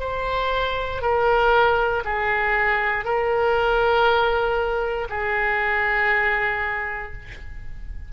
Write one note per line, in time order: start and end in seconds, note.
0.00 1.02 C5
1.02 2.03 A#4
2.05 3.05 G#4
3.05 5.08 A#4
5.09 7.13 G#4